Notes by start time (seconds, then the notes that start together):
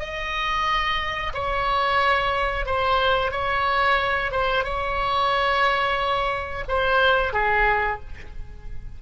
0.00 D#5
1.34 C#5
2.66 C5
3.32 C#5
4.32 C5
4.65 C#5
6.69 C5
7.34 G#4